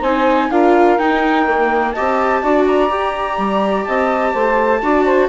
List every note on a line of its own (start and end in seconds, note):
0.00 0.50 C4
0.00 0.50 D#4
0.00 0.48 C5
0.00 0.51 G#5
0.50 0.98 D4
0.50 0.98 F4
0.50 1.94 A#4
0.50 0.98 F5
0.98 1.94 D#4
0.98 1.46 D#4
0.98 1.91 G5
1.46 1.94 A#3
1.91 2.43 G4
1.91 2.42 D#5
1.91 2.63 A5
1.99 2.43 C4
2.42 2.91 D4
2.42 2.88 F#4
2.42 3.86 D5
2.66 3.84 A#5
2.88 4.80 G4
2.88 3.37 G4
3.37 3.85 G3
3.84 4.34 C4
3.84 4.32 D#5
3.84 5.28 A5
4.32 4.81 A3
4.32 4.80 C5
4.81 5.28 D4
4.81 5.28 F#4
4.81 5.05 D5
5.05 5.28 C5